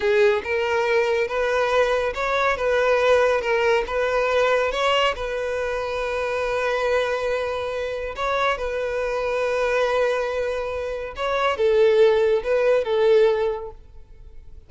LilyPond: \new Staff \with { instrumentName = "violin" } { \time 4/4 \tempo 4 = 140 gis'4 ais'2 b'4~ | b'4 cis''4 b'2 | ais'4 b'2 cis''4 | b'1~ |
b'2. cis''4 | b'1~ | b'2 cis''4 a'4~ | a'4 b'4 a'2 | }